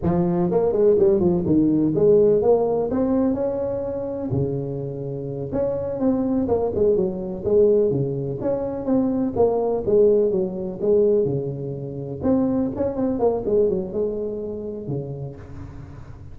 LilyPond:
\new Staff \with { instrumentName = "tuba" } { \time 4/4 \tempo 4 = 125 f4 ais8 gis8 g8 f8 dis4 | gis4 ais4 c'4 cis'4~ | cis'4 cis2~ cis8 cis'8~ | cis'8 c'4 ais8 gis8 fis4 gis8~ |
gis8 cis4 cis'4 c'4 ais8~ | ais8 gis4 fis4 gis4 cis8~ | cis4. c'4 cis'8 c'8 ais8 | gis8 fis8 gis2 cis4 | }